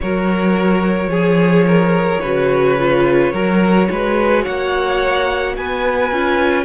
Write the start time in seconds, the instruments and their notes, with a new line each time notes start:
0.00 cello F#3, viola F#4, violin A#4 C#5
1.07 cello F3, violin G#4, viola G#4
1.66 violin A#4
2.21 cello C#3, viola F#4, violin B4
2.78 viola F4
3.32 cello F#3, viola F#4, violin A#4
3.90 cello G#3, violin B4
4.43 cello A#3, violin C#5 F#5
5.56 cello B3, violin B4 G#5
6.11 cello C#4, viola F4